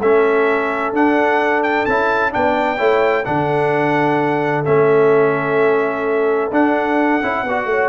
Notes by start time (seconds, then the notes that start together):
0.00 A3 C#4 A4 E5
0.93 D4 F#5
1.63 G5
1.85 C#4 E4 A5
2.31 B3 D4 D5 G5
2.78 A3 E4 C#5
3.25 D3 D4 A4 F#5
4.65 A3 C#4 E5
6.51 D4 F#5
7.22 C#4 E4
7.44 B3 F#4 D5
7.65 A3 C#5